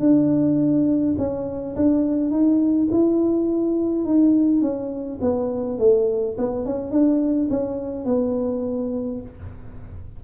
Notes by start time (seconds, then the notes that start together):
0.00 D4
1.18 C#4
1.76 D4
2.31 D#4
2.91 E4
4.05 D#4
4.61 C#4
5.21 B3
5.79 A3
6.38 B3
6.65 C#4
6.91 D4
7.50 C#4
8.05 B3